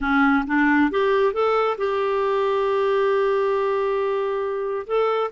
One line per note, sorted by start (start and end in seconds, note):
0.00 0.44 C#4
0.47 0.90 D4
0.90 1.33 G4
1.33 1.77 A4
1.77 4.86 G4
4.86 5.31 A4